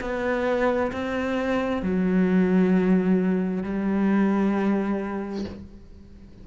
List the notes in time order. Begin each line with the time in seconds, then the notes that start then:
0.00 B3
0.91 C4
1.82 F#3
3.63 G3